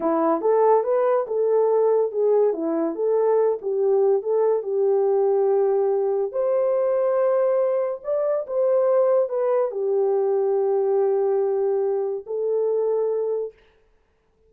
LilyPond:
\new Staff \with { instrumentName = "horn" } { \time 4/4 \tempo 4 = 142 e'4 a'4 b'4 a'4~ | a'4 gis'4 e'4 a'4~ | a'8 g'4. a'4 g'4~ | g'2. c''4~ |
c''2. d''4 | c''2 b'4 g'4~ | g'1~ | g'4 a'2. | }